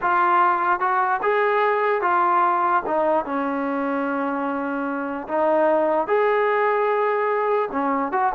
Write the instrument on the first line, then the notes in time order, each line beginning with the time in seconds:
trombone
0.01 F4
0.79 F#4
1.22 G#4
2.01 F4
2.86 D#4
3.25 C#4
5.28 D#4
6.07 G#4
7.71 C#4
8.12 F#4